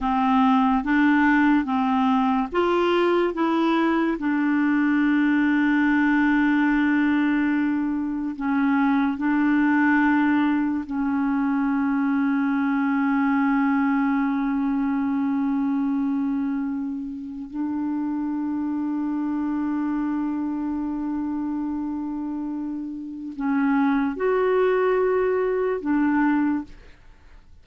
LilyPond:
\new Staff \with { instrumentName = "clarinet" } { \time 4/4 \tempo 4 = 72 c'4 d'4 c'4 f'4 | e'4 d'2.~ | d'2 cis'4 d'4~ | d'4 cis'2.~ |
cis'1~ | cis'4 d'2.~ | d'1 | cis'4 fis'2 d'4 | }